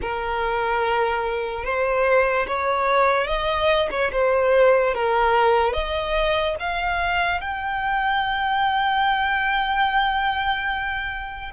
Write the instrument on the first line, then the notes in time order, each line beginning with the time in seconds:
violin
0.01 A#4
1.64 C5
2.47 C#5
3.27 D#5
3.90 C#5
4.12 C5
4.94 A#4
5.73 D#5
6.59 F5
7.40 G5